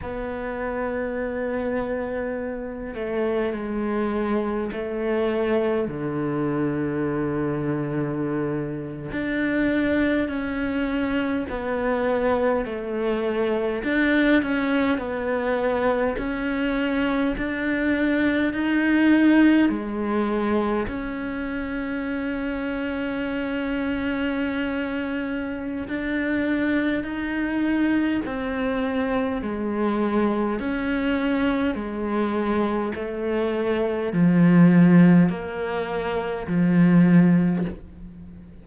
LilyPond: \new Staff \with { instrumentName = "cello" } { \time 4/4 \tempo 4 = 51 b2~ b8 a8 gis4 | a4 d2~ d8. d'16~ | d'8. cis'4 b4 a4 d'16~ | d'16 cis'8 b4 cis'4 d'4 dis'16~ |
dis'8. gis4 cis'2~ cis'16~ | cis'2 d'4 dis'4 | c'4 gis4 cis'4 gis4 | a4 f4 ais4 f4 | }